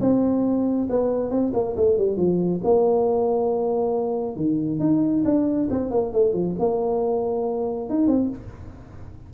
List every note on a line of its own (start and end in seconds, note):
0.00 0.88 C4
0.89 1.30 B3
1.30 1.52 C4
1.53 1.75 A#3
1.76 1.97 A3
1.97 2.17 G3
2.17 2.60 F3
2.64 4.36 A#3
4.36 4.79 D#3
4.79 5.23 D#4
5.24 5.68 D4
5.70 5.90 C4
5.90 6.12 A#3
6.13 6.33 A3
6.33 6.55 F3
6.59 7.89 A#3
7.89 8.07 D#4
8.07 8.29 C4